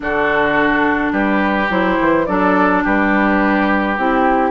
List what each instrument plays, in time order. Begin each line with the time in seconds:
0.00 bassoon D3, clarinet D4, oboe F#4, flute A4
1.12 bassoon G3, oboe G4, flute B4
1.69 bassoon F#3, clarinet E4, flute C5
2.00 bassoon E3
2.25 bassoon F#3, clarinet D4, oboe A4, flute D5
2.83 bassoon G3, oboe G4, flute B4
3.97 bassoon C4, clarinet E4, flute G4